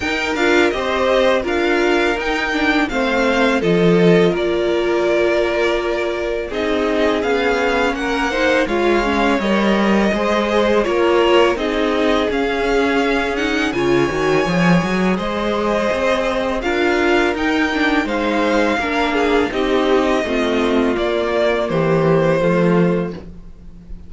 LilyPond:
<<
  \new Staff \with { instrumentName = "violin" } { \time 4/4 \tempo 4 = 83 g''8 f''8 dis''4 f''4 g''4 | f''4 dis''4 d''2~ | d''4 dis''4 f''4 fis''4 | f''4 dis''2 cis''4 |
dis''4 f''4. fis''8 gis''4~ | gis''4 dis''2 f''4 | g''4 f''2 dis''4~ | dis''4 d''4 c''2 | }
  \new Staff \with { instrumentName = "violin" } { \time 4/4 ais'4 c''4 ais'2 | c''4 a'4 ais'2~ | ais'4 gis'2 ais'8 c''8 | cis''2 c''4 ais'4 |
gis'2. cis''4~ | cis''4 c''2 ais'4~ | ais'4 c''4 ais'8 gis'8 g'4 | f'2 g'4 f'4 | }
  \new Staff \with { instrumentName = "viola" } { \time 4/4 dis'8 f'8 g'4 f'4 dis'8 d'8 | c'4 f'2.~ | f'4 dis'4 cis'4. dis'8 | f'8 cis'8 ais'4 gis'4 f'4 |
dis'4 cis'4. dis'8 f'8 fis'8 | gis'2. f'4 | dis'8 d'8 dis'4 d'4 dis'4 | c'4 ais2 a4 | }
  \new Staff \with { instrumentName = "cello" } { \time 4/4 dis'8 d'8 c'4 d'4 dis'4 | a4 f4 ais2~ | ais4 c'4 b4 ais4 | gis4 g4 gis4 ais4 |
c'4 cis'2 cis8 dis8 | f8 fis8 gis4 c'4 d'4 | dis'4 gis4 ais4 c'4 | a4 ais4 e4 f4 | }
>>